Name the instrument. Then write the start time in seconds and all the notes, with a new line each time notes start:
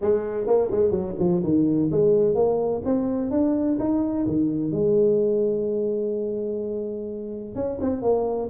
tuba
0.01 G#3
0.46 A#3
0.71 G#3
0.90 F#3
1.18 F3
1.43 D#3
1.91 G#3
2.34 A#3
2.85 C4
3.30 D4
3.79 D#4
4.26 D#3
4.71 G#3
7.55 C#4
7.80 C4
8.02 A#3